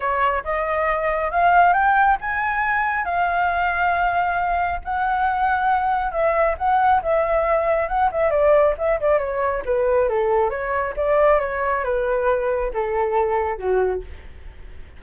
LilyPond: \new Staff \with { instrumentName = "flute" } { \time 4/4 \tempo 4 = 137 cis''4 dis''2 f''4 | g''4 gis''2 f''4~ | f''2. fis''4~ | fis''2 e''4 fis''4 |
e''2 fis''8 e''8 d''4 | e''8 d''8 cis''4 b'4 a'4 | cis''4 d''4 cis''4 b'4~ | b'4 a'2 fis'4 | }